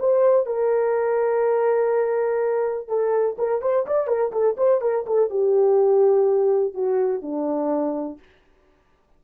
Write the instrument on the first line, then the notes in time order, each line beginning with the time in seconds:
horn
0.00 C5
0.46 A#4
2.89 A4
3.39 A#4
3.62 C5
3.87 D5
4.08 A#4
4.32 A4
4.58 C5
4.82 A#4
5.07 A4
5.30 G4
6.75 F#4
7.23 D4